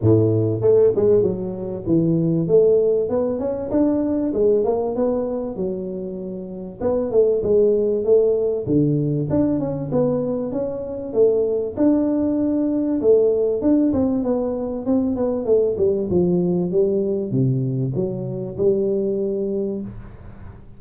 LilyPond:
\new Staff \with { instrumentName = "tuba" } { \time 4/4 \tempo 4 = 97 a,4 a8 gis8 fis4 e4 | a4 b8 cis'8 d'4 gis8 ais8 | b4 fis2 b8 a8 | gis4 a4 d4 d'8 cis'8 |
b4 cis'4 a4 d'4~ | d'4 a4 d'8 c'8 b4 | c'8 b8 a8 g8 f4 g4 | c4 fis4 g2 | }